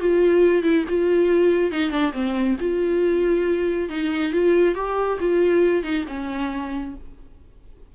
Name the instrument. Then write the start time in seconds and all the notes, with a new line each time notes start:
viola
0.00 F4
0.63 E4
0.88 F4
1.71 D#4
1.91 D4
2.13 C4
2.60 F4
3.89 D#4
4.33 F4
4.75 G4
5.20 F4
5.83 D#4
6.08 C#4